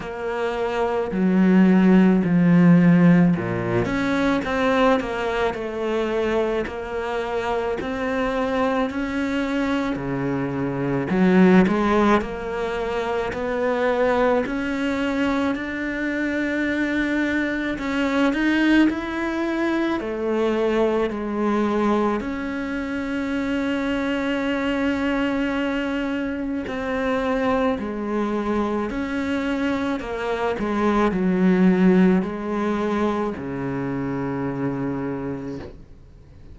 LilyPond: \new Staff \with { instrumentName = "cello" } { \time 4/4 \tempo 4 = 54 ais4 fis4 f4 ais,8 cis'8 | c'8 ais8 a4 ais4 c'4 | cis'4 cis4 fis8 gis8 ais4 | b4 cis'4 d'2 |
cis'8 dis'8 e'4 a4 gis4 | cis'1 | c'4 gis4 cis'4 ais8 gis8 | fis4 gis4 cis2 | }